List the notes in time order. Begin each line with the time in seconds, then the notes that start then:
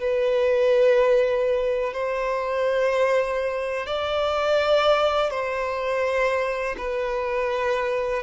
0.00 B4
1.94 C5
3.87 D5
5.30 C5
6.77 B4